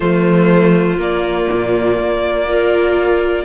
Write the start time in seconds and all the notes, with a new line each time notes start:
0.00 F3 A3 F4 C5
0.98 A#3 D5
1.52 A#2
1.99 A#3
2.47 F4 A#4